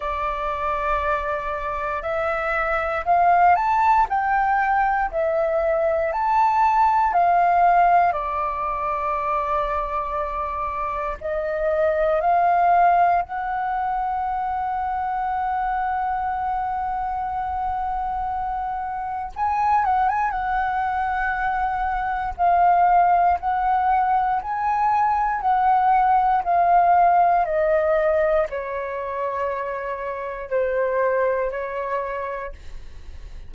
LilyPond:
\new Staff \with { instrumentName = "flute" } { \time 4/4 \tempo 4 = 59 d''2 e''4 f''8 a''8 | g''4 e''4 a''4 f''4 | d''2. dis''4 | f''4 fis''2.~ |
fis''2. gis''8 fis''16 gis''16 | fis''2 f''4 fis''4 | gis''4 fis''4 f''4 dis''4 | cis''2 c''4 cis''4 | }